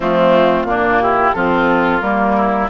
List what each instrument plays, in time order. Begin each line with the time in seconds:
0.00 bassoon F3, clarinet A3, oboe C4, flute F4
0.63 bassoon A#2, clarinet A#3, oboe D4
1.00 oboe E4, flute G4
1.33 bassoon F3, clarinet C4, oboe F4, flute A4
2.00 bassoon G3, clarinet A#3, flute A#4
2.36 oboe E4